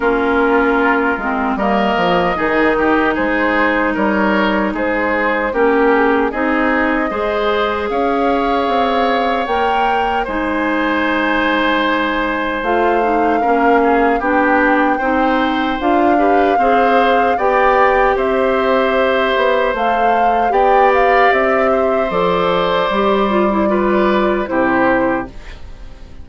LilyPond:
<<
  \new Staff \with { instrumentName = "flute" } { \time 4/4 \tempo 4 = 76 ais'2 dis''2 | c''4 cis''4 c''4 ais'8 gis'8 | dis''2 f''2 | g''4 gis''2. |
f''2 g''2 | f''2 g''4 e''4~ | e''4 f''4 g''8 f''8 e''4 | d''2. c''4 | }
  \new Staff \with { instrumentName = "oboe" } { \time 4/4 f'2 ais'4 gis'8 g'8 | gis'4 ais'4 gis'4 g'4 | gis'4 c''4 cis''2~ | cis''4 c''2.~ |
c''4 ais'8 gis'8 g'4 c''4~ | c''8 b'8 c''4 d''4 c''4~ | c''2 d''4. c''8~ | c''2 b'4 g'4 | }
  \new Staff \with { instrumentName = "clarinet" } { \time 4/4 cis'4. c'8 ais4 dis'4~ | dis'2. cis'4 | dis'4 gis'2. | ais'4 dis'2. |
f'8 dis'8 cis'4 d'4 dis'4 | f'8 g'8 gis'4 g'2~ | g'4 a'4 g'2 | a'4 g'8 f'16 e'16 f'4 e'4 | }
  \new Staff \with { instrumentName = "bassoon" } { \time 4/4 ais4. gis8 g8 f8 dis4 | gis4 g4 gis4 ais4 | c'4 gis4 cis'4 c'4 | ais4 gis2. |
a4 ais4 b4 c'4 | d'4 c'4 b4 c'4~ | c'8 b8 a4 b4 c'4 | f4 g2 c4 | }
>>